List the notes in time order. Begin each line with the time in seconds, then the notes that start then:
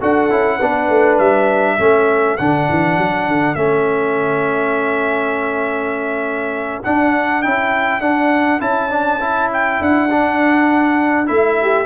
0.00 D4 F#4 A4 F#5
0.30 C#4 E4
0.59 B3 D4 B4
0.89 A3
1.18 G3 E5
1.77 A3 C#4 A4
2.37 D3 D4 F#5
2.70 E3
2.98 F#3
3.27 D3
3.55 A3 C#4 E5
6.83 D4 F#5
7.42 C#4 E4 G5
8.00 D4 F#5
8.60 C#4 E4 A5
8.90 D4
9.20 E4
9.53 G5
9.81 D4 F#5
10.11 D4
11.26 A3 E4 E5
11.62 G4